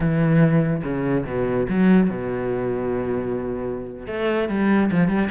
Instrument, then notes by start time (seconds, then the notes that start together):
cello
0.00 E3
0.83 C#3
1.25 B2
1.68 F#3
2.09 B2
4.07 A3
4.48 G3
4.91 F3
5.08 G3